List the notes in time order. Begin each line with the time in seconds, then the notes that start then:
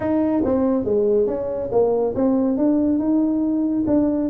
0.00 D#4
0.44 C4
0.84 G#3
1.26 C#4
1.71 A#3
2.15 C4
2.57 D4
2.98 D#4
3.86 D4